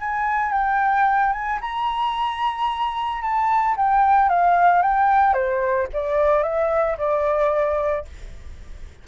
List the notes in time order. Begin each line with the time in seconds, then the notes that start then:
0.00 G#5
0.52 G5
1.32 G#5
1.61 A#5
3.22 A5
3.76 G5
4.29 F5
4.82 G5
5.33 C5
5.93 D5
6.43 E5
6.98 D5